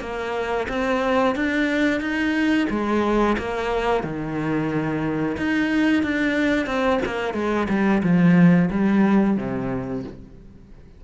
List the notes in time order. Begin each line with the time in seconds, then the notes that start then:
0.00 A#3
0.68 C4
1.35 D4
2.00 D#4
2.70 G#3
3.38 A#3
4.03 D#3
5.37 D#4
6.03 D4
6.66 C4
7.05 A#3
7.34 G#3
7.69 G3
8.02 F3
8.70 G3
9.37 C3